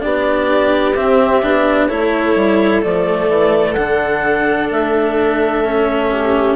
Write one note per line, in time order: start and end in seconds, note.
0.00 0.98 B3
0.00 0.94 D4
0.00 1.88 G4
0.00 0.94 D5
0.95 1.42 C4
0.95 1.43 C4
0.95 1.87 E5
1.42 1.90 B3
1.42 1.89 D4
1.87 2.36 A3
1.87 2.82 E4
1.87 6.10 A4
1.87 2.81 C#5
2.36 2.82 G3
2.82 3.29 F3
2.82 3.76 A3
2.82 3.74 D5
3.29 3.76 E3
3.74 4.71 D3
3.74 5.64 D4
3.74 4.68 F#5
4.71 6.56 A3
4.71 6.56 E5
5.64 6.56 C#4
6.12 6.56 G4